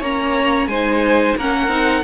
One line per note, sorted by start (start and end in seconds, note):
0.00 0.67 A#3
0.00 0.71 C#4
0.00 0.68 C#5
0.00 0.68 A#5
0.67 1.35 G#3
0.67 1.40 D#4
0.67 1.38 C5
0.67 1.36 G#5
1.37 1.68 A#3
1.37 1.70 C#4
1.37 2.04 A#4
1.37 2.04 F#5
1.68 2.02 C4
1.68 2.04 D#4